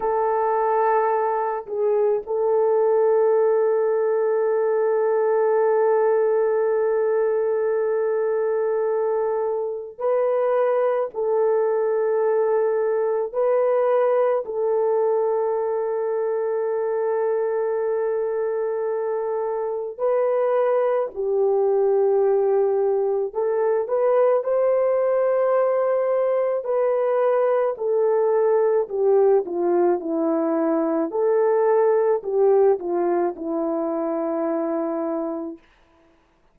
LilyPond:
\new Staff \with { instrumentName = "horn" } { \time 4/4 \tempo 4 = 54 a'4. gis'8 a'2~ | a'1~ | a'4 b'4 a'2 | b'4 a'2.~ |
a'2 b'4 g'4~ | g'4 a'8 b'8 c''2 | b'4 a'4 g'8 f'8 e'4 | a'4 g'8 f'8 e'2 | }